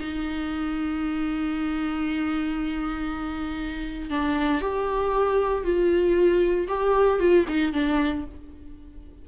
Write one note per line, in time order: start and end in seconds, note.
0.00 4.10 D#4
4.10 4.62 D4
4.62 5.64 G4
5.64 6.68 F4
6.68 7.20 G4
7.20 7.46 F4
7.48 7.73 D#4
7.73 8.25 D4